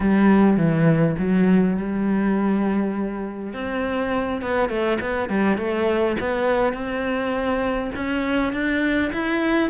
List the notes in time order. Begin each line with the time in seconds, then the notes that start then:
0.00 G3
0.57 E3
1.18 F#3
1.76 G3
3.53 C4
4.41 B3
4.69 A3
5.00 B3
5.29 G3
5.57 A3
6.20 B3
6.73 C4
7.95 C#4
8.53 D4
9.12 E4